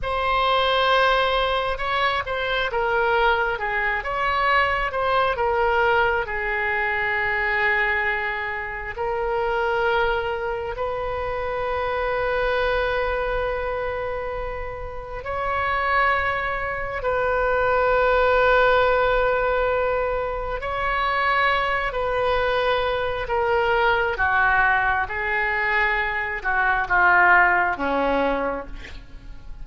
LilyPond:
\new Staff \with { instrumentName = "oboe" } { \time 4/4 \tempo 4 = 67 c''2 cis''8 c''8 ais'4 | gis'8 cis''4 c''8 ais'4 gis'4~ | gis'2 ais'2 | b'1~ |
b'4 cis''2 b'4~ | b'2. cis''4~ | cis''8 b'4. ais'4 fis'4 | gis'4. fis'8 f'4 cis'4 | }